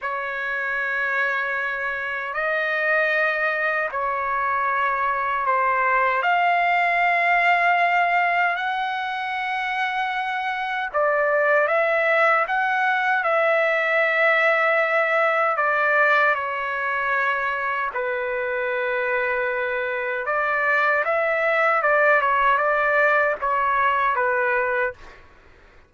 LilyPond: \new Staff \with { instrumentName = "trumpet" } { \time 4/4 \tempo 4 = 77 cis''2. dis''4~ | dis''4 cis''2 c''4 | f''2. fis''4~ | fis''2 d''4 e''4 |
fis''4 e''2. | d''4 cis''2 b'4~ | b'2 d''4 e''4 | d''8 cis''8 d''4 cis''4 b'4 | }